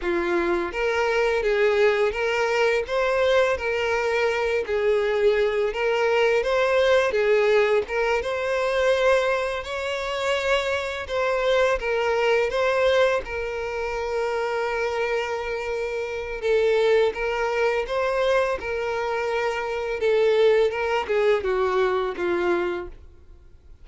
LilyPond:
\new Staff \with { instrumentName = "violin" } { \time 4/4 \tempo 4 = 84 f'4 ais'4 gis'4 ais'4 | c''4 ais'4. gis'4. | ais'4 c''4 gis'4 ais'8 c''8~ | c''4. cis''2 c''8~ |
c''8 ais'4 c''4 ais'4.~ | ais'2. a'4 | ais'4 c''4 ais'2 | a'4 ais'8 gis'8 fis'4 f'4 | }